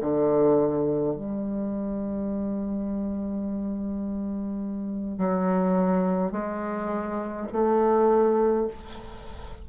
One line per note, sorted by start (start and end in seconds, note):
0.00 1.15 D3
1.15 5.18 G3
5.18 6.31 F#3
6.31 7.47 G#3
7.52 8.67 A3